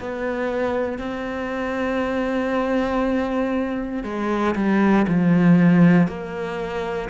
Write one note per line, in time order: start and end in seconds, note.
0.00 0.99 B3
0.99 4.04 C4
4.04 4.55 G#3
4.55 5.06 G3
5.08 6.08 F3
6.08 7.10 A#3